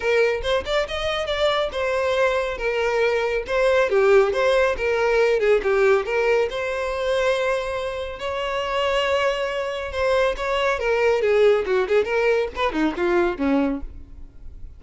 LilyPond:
\new Staff \with { instrumentName = "violin" } { \time 4/4 \tempo 4 = 139 ais'4 c''8 d''8 dis''4 d''4 | c''2 ais'2 | c''4 g'4 c''4 ais'4~ | ais'8 gis'8 g'4 ais'4 c''4~ |
c''2. cis''4~ | cis''2. c''4 | cis''4 ais'4 gis'4 fis'8 gis'8 | ais'4 b'8 dis'8 f'4 cis'4 | }